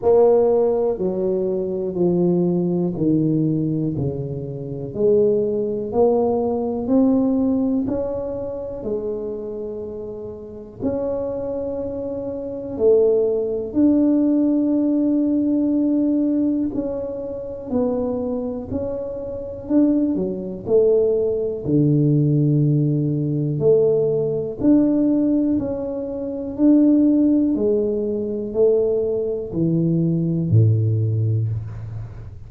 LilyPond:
\new Staff \with { instrumentName = "tuba" } { \time 4/4 \tempo 4 = 61 ais4 fis4 f4 dis4 | cis4 gis4 ais4 c'4 | cis'4 gis2 cis'4~ | cis'4 a4 d'2~ |
d'4 cis'4 b4 cis'4 | d'8 fis8 a4 d2 | a4 d'4 cis'4 d'4 | gis4 a4 e4 a,4 | }